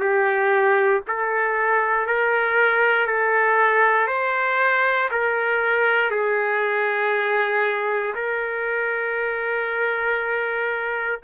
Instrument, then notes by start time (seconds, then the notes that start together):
trumpet
0.00 G4
1.08 A4
2.07 A#4
3.07 A4
4.08 C5
5.12 A#4
6.11 G#4
8.15 A#4